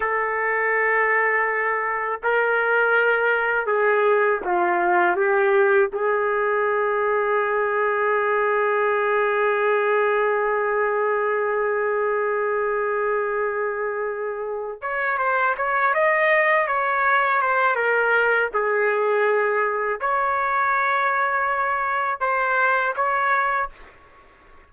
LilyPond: \new Staff \with { instrumentName = "trumpet" } { \time 4/4 \tempo 4 = 81 a'2. ais'4~ | ais'4 gis'4 f'4 g'4 | gis'1~ | gis'1~ |
gis'1 | cis''8 c''8 cis''8 dis''4 cis''4 c''8 | ais'4 gis'2 cis''4~ | cis''2 c''4 cis''4 | }